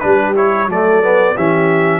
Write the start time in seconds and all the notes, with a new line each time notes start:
0.00 G3 D4 G4 B4
0.36 E4 C#5
0.67 F#3 A3 A4 D5
1.03 B3
1.35 E3 C#4 G4 E5